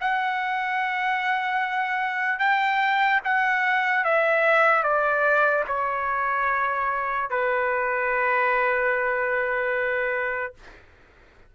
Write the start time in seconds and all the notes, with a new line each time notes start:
0.00 F#5
2.39 G5
3.24 F#5
4.04 E5
4.83 D5
5.67 C#5
7.30 B4